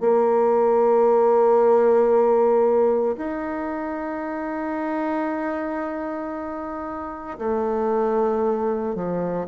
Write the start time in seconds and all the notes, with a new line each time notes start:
0.00 A#3
3.16 D#4
7.38 A3
8.94 F3